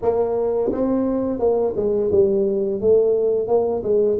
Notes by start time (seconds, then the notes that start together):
0.02 A#3
0.72 C4
1.39 A#3
1.75 G#3
2.11 G3
2.80 A3
3.47 A#3
3.83 G#3